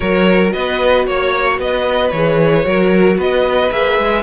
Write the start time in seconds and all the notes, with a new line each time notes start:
0.00 F#3 F#4 A#4 C#5
0.52 B3 B4 D#5
1.06 A#3 C#5
1.58 B3 B4 D#5
2.10 E3 G#4 C#5
2.64 F#3 F#4 A#4
3.17 B3 B4 D#5
3.71 A#3 G#4 E5
3.98 G#3